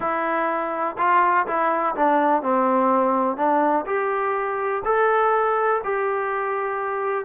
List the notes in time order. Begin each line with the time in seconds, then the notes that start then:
0.00 E4
0.98 F4
1.46 E4
1.95 D4
2.42 C4
3.36 D4
3.86 G4
4.84 A4
5.84 G4